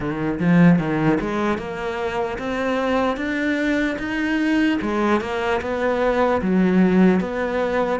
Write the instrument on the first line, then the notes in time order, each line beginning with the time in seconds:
cello
0.00 D#3
0.39 F3
0.78 D#3
1.20 G#3
1.58 A#3
2.38 C4
3.16 D4
3.99 D#4
4.81 G#3
5.20 A#3
5.61 B3
6.41 F#3
7.20 B3